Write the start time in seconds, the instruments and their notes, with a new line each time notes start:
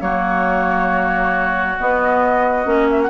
0.00 bassoon F#3, clarinet A#3, oboe F#4, flute C#5
1.79 clarinet B3, bassoon B3, flute D#5
2.64 bassoon A#3, clarinet C#4
2.90 flute E5
3.02 flute F#5